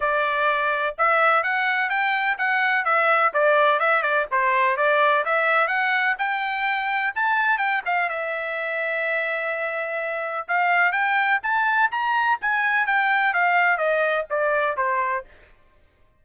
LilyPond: \new Staff \with { instrumentName = "trumpet" } { \time 4/4 \tempo 4 = 126 d''2 e''4 fis''4 | g''4 fis''4 e''4 d''4 | e''8 d''8 c''4 d''4 e''4 | fis''4 g''2 a''4 |
g''8 f''8 e''2.~ | e''2 f''4 g''4 | a''4 ais''4 gis''4 g''4 | f''4 dis''4 d''4 c''4 | }